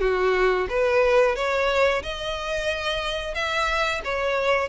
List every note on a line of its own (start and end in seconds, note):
0.00 0.67 F#4
0.69 1.35 B4
1.35 2.02 C#5
2.02 3.34 D#5
3.34 4.01 E5
4.04 4.68 C#5